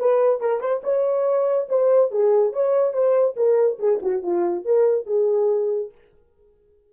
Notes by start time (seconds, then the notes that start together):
0.00 B4
0.41 A#4
0.61 C5
0.84 C#5
1.69 C5
2.11 G#4
2.54 C#5
2.93 C5
3.37 A#4
3.80 G#4
4.03 F#4
4.23 F4
4.65 A#4
5.07 G#4